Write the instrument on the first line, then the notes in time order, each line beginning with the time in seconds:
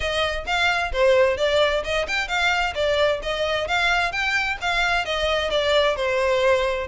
violin
0.00 D#5
0.46 F5
0.92 C5
1.37 D5
1.83 D#5
2.07 G5
2.28 F5
2.74 D5
3.22 D#5
3.67 F5
4.12 G5
4.61 F5
5.05 D#5
5.50 D5
5.95 C5